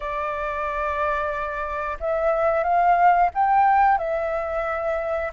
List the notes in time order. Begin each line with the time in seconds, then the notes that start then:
0.00 D5
2.00 E5
2.63 F5
3.34 G5
3.98 E5